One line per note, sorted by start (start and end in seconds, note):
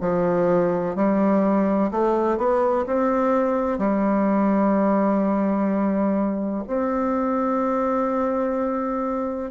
0.00 0.95 F3
0.95 1.90 G3
1.91 2.37 A3
2.37 2.85 B3
2.86 3.78 C4
3.78 6.64 G3
6.67 9.51 C4